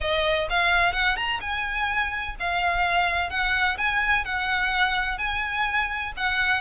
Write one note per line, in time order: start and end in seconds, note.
0.00 0.48 D#5
0.49 0.92 F5
0.92 1.16 F#5
1.16 1.39 A#5
1.40 2.35 G#5
2.39 3.29 F5
3.29 3.77 F#5
3.77 4.24 G#5
4.24 5.17 F#5
5.17 6.12 G#5
6.17 6.61 F#5